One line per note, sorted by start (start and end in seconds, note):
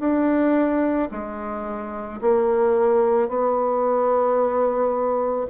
0.00 1.09 D4
1.12 2.21 G#3
2.22 3.29 A#3
3.29 5.47 B3